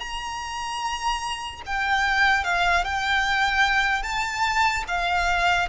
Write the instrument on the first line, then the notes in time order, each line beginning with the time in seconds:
violin
0.00 A#5
1.66 G5
2.44 F5
2.85 G5
4.03 A5
4.88 F5